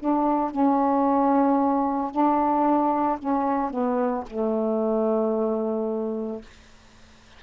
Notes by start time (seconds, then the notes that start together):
0.00 D4
0.51 C#4
2.12 D4
3.19 C#4
3.71 B3
4.28 A3